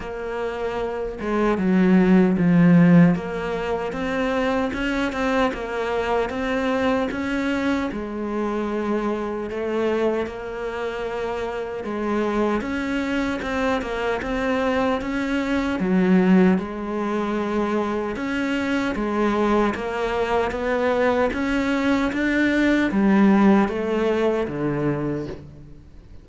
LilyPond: \new Staff \with { instrumentName = "cello" } { \time 4/4 \tempo 4 = 76 ais4. gis8 fis4 f4 | ais4 c'4 cis'8 c'8 ais4 | c'4 cis'4 gis2 | a4 ais2 gis4 |
cis'4 c'8 ais8 c'4 cis'4 | fis4 gis2 cis'4 | gis4 ais4 b4 cis'4 | d'4 g4 a4 d4 | }